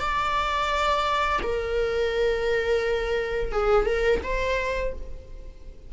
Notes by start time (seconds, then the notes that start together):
0.00 D5
1.43 A#4
3.52 G#4
3.86 A#4
4.23 C5